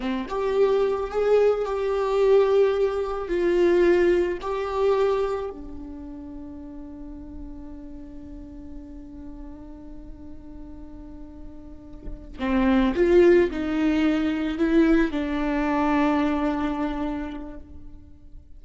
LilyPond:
\new Staff \with { instrumentName = "viola" } { \time 4/4 \tempo 4 = 109 c'8 g'4. gis'4 g'4~ | g'2 f'2 | g'2 d'2~ | d'1~ |
d'1~ | d'2~ d'8 c'4 f'8~ | f'8 dis'2 e'4 d'8~ | d'1 | }